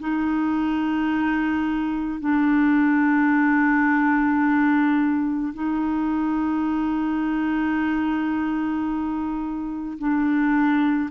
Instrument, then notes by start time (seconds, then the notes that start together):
clarinet
0.00 D#4
2.20 D4
5.54 D#4
9.99 D4